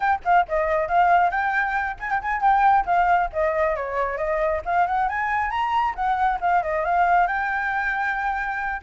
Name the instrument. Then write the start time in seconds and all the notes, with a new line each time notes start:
flute
0.00 G5
0.24 F5
0.48 D#5
0.88 F5
1.30 G5
1.99 G#5
2.10 G5
2.21 G#5
2.41 G5
2.85 F5
3.32 D#5
3.75 C#5
4.17 D#5
4.65 F5
4.86 F#5
5.09 G#5
5.50 A#5
5.95 F#5
6.40 F5
6.62 D#5
6.84 F5
7.27 G5